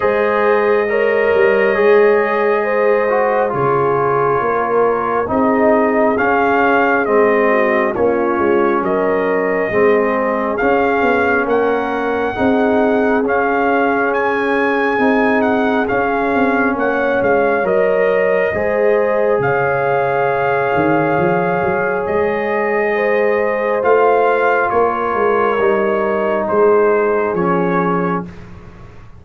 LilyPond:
<<
  \new Staff \with { instrumentName = "trumpet" } { \time 4/4 \tempo 4 = 68 dis''1 | cis''2 dis''4 f''4 | dis''4 cis''4 dis''2 | f''4 fis''2 f''4 |
gis''4. fis''8 f''4 fis''8 f''8 | dis''2 f''2~ | f''4 dis''2 f''4 | cis''2 c''4 cis''4 | }
  \new Staff \with { instrumentName = "horn" } { \time 4/4 c''4 cis''2 c''4 | gis'4 ais'4 gis'2~ | gis'8 fis'8 f'4 ais'4 gis'4~ | gis'4 ais'4 gis'2~ |
gis'2. cis''4~ | cis''4 c''4 cis''2~ | cis''2 c''2 | ais'2 gis'2 | }
  \new Staff \with { instrumentName = "trombone" } { \time 4/4 gis'4 ais'4 gis'4. fis'8 | f'2 dis'4 cis'4 | c'4 cis'2 c'4 | cis'2 dis'4 cis'4~ |
cis'4 dis'4 cis'2 | ais'4 gis'2.~ | gis'2. f'4~ | f'4 dis'2 cis'4 | }
  \new Staff \with { instrumentName = "tuba" } { \time 4/4 gis4. g8 gis2 | cis4 ais4 c'4 cis'4 | gis4 ais8 gis8 fis4 gis4 | cis'8 b8 ais4 c'4 cis'4~ |
cis'4 c'4 cis'8 c'8 ais8 gis8 | fis4 gis4 cis4. dis8 | f8 fis8 gis2 a4 | ais8 gis8 g4 gis4 f4 | }
>>